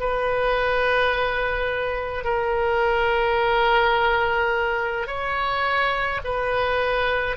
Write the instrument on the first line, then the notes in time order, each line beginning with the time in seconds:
oboe
0.00 B4
2.25 A#4
5.07 C#5
6.25 B4